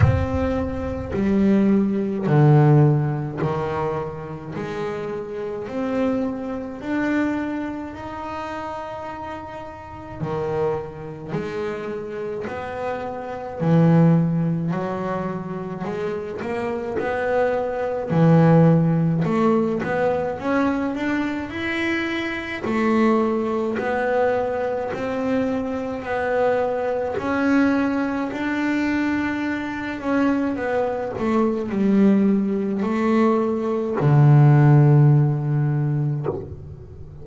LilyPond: \new Staff \with { instrumentName = "double bass" } { \time 4/4 \tempo 4 = 53 c'4 g4 d4 dis4 | gis4 c'4 d'4 dis'4~ | dis'4 dis4 gis4 b4 | e4 fis4 gis8 ais8 b4 |
e4 a8 b8 cis'8 d'8 e'4 | a4 b4 c'4 b4 | cis'4 d'4. cis'8 b8 a8 | g4 a4 d2 | }